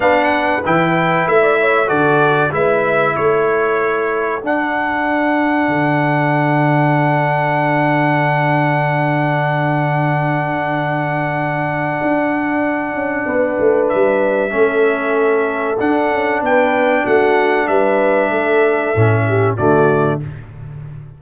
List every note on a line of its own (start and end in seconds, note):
0.00 0.62 B3
0.00 0.61 D4
0.00 1.41 B4
0.00 0.63 F#5
0.64 1.27 E3
0.64 1.86 E4
0.64 1.28 G5
1.27 1.90 A3
1.27 1.88 E5
1.41 1.56 D5
1.60 1.88 C#5
1.86 2.51 D3
1.86 2.49 F#4
1.86 2.51 A4
1.86 2.51 D5
2.51 3.14 G#3
2.51 4.41 E4
2.51 3.15 B4
2.51 3.16 E5
3.15 4.43 A3
3.15 13.26 A4
3.15 4.42 C#5
4.43 5.68 D4
4.43 14.50 D4
4.43 13.88 F#5
5.68 11.99 D3
12.01 12.93 D4
12.93 13.25 C#4
13.26 13.57 B3
13.26 14.52 B4
13.59 13.91 A3
13.88 14.52 G3
13.88 15.78 E5
14.50 15.78 A3
14.50 15.76 C#4
14.50 16.44 A4
15.79 18.95 D4
15.79 16.10 D4
15.79 16.42 F#5
16.10 16.41 C#4
16.41 17.04 B3
16.41 17.04 B4
16.41 17.06 G5
17.04 17.68 A3
17.04 17.67 F#4
17.04 17.67 F#5
17.67 18.30 G3
17.67 18.31 B4
17.67 19.57 E5
18.30 18.93 A3
18.30 19.25 A4
18.95 19.58 A2
18.95 19.57 C#4
19.28 19.57 G4
19.57 20.21 D3
19.57 20.20 A3
19.57 20.20 F#4
19.57 20.20 D5